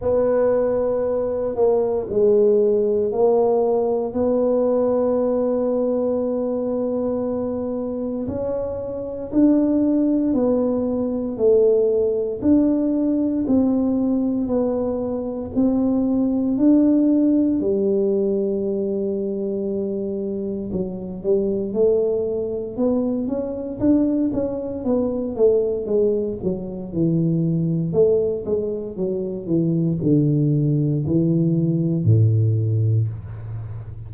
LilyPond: \new Staff \with { instrumentName = "tuba" } { \time 4/4 \tempo 4 = 58 b4. ais8 gis4 ais4 | b1 | cis'4 d'4 b4 a4 | d'4 c'4 b4 c'4 |
d'4 g2. | fis8 g8 a4 b8 cis'8 d'8 cis'8 | b8 a8 gis8 fis8 e4 a8 gis8 | fis8 e8 d4 e4 a,4 | }